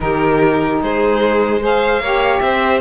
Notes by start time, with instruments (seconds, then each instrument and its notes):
0.00 cello D#3, saxophone D#4, violin G4 A#4
0.81 cello G#3, violin G#4 C5
1.61 saxophone G#4, violin C5 F5
1.99 cello A#3, saxophone G4, violin C#5
2.40 cello C4, violin C5 E5